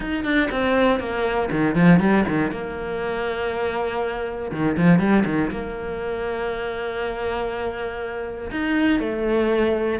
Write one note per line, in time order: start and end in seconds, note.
0.00 0.24 D#4
0.24 0.49 D4
0.51 0.99 C4
0.99 1.49 A#3
1.51 1.75 D#3
1.75 1.99 F3
1.99 2.24 G3
2.28 2.51 D#3
2.51 4.51 A#3
4.51 4.76 D#3
4.77 4.99 F3
4.99 5.24 G3
5.25 5.50 D#3
5.50 8.50 A#3
8.51 8.99 D#4
8.99 9.99 A3